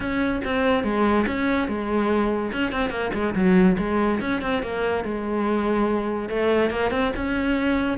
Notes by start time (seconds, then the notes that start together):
0.00 C#4
0.44 C4
0.83 G#3
1.26 C#4
1.67 G#3
2.52 C#4
2.72 C4
2.90 A#3
3.13 G#3
3.34 F#3
3.78 G#3
4.20 C#4
4.41 C4
4.62 A#3
5.04 G#3
6.29 A3
6.70 A#3
6.91 C4
7.16 C#4